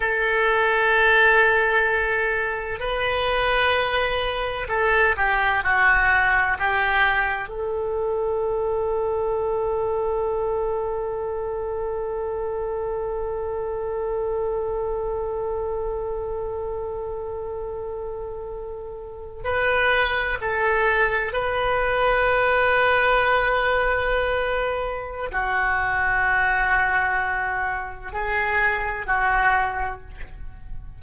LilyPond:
\new Staff \with { instrumentName = "oboe" } { \time 4/4 \tempo 4 = 64 a'2. b'4~ | b'4 a'8 g'8 fis'4 g'4 | a'1~ | a'1~ |
a'1~ | a'8. b'4 a'4 b'4~ b'16~ | b'2. fis'4~ | fis'2 gis'4 fis'4 | }